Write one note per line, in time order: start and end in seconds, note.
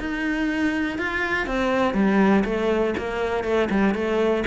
0.00 0.99 D#4
0.99 1.47 F4
1.47 1.95 C4
1.95 2.44 G3
2.45 2.95 A3
2.98 3.44 A#3
3.44 3.69 A3
3.71 3.95 G3
3.95 4.44 A3